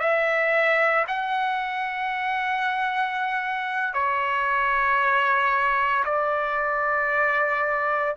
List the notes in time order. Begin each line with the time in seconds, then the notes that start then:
0.00 E5
1.08 F#5
3.94 C#5
6.05 D5